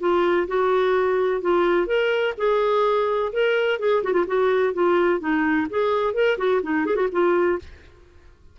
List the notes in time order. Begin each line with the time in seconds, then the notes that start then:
0.00 F4
0.48 F#4
1.42 F4
1.87 A#4
2.38 G#4
3.33 A#4
3.80 G#4
4.04 F#4
4.14 F4
4.27 F#4
4.74 F4
5.20 D#4
5.70 G#4
6.14 A#4
6.38 F#4
6.63 D#4
6.86 G#4
6.96 F#4
7.12 F4